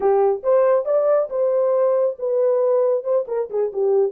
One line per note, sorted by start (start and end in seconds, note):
0.00 0.42 G4
0.43 0.85 C5
0.85 1.28 D5
1.29 2.16 C5
2.18 3.04 B4
3.04 3.25 C5
3.27 3.49 A#4
3.50 3.72 G#4
3.73 4.12 G4